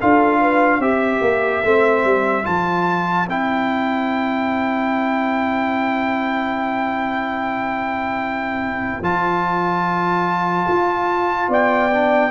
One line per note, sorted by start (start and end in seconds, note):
0.00 0.79 D4
0.00 0.81 F4
0.00 0.41 A4
0.00 0.81 F5
0.41 0.81 B4
0.79 1.20 C4
0.79 1.64 G4
0.79 11.49 C5
0.79 2.46 E5
1.21 1.62 A#3
1.64 2.04 A3
1.64 2.44 C4
2.04 2.45 G3
2.44 3.27 F3
2.44 3.26 F4
2.44 3.28 A5
3.27 9.01 C4
3.27 9.03 E4
3.27 9.04 G5
9.01 10.66 F3
9.01 11.91 F4
9.01 11.50 A5
10.68 11.48 F4
11.48 12.31 B3
11.48 12.31 D5
11.48 12.31 G5
11.92 12.31 D4